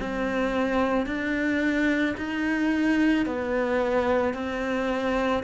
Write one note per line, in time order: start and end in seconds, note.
0.00 1.07 C4
1.07 2.16 D4
2.18 3.26 D#4
3.26 4.34 B3
4.34 5.43 C4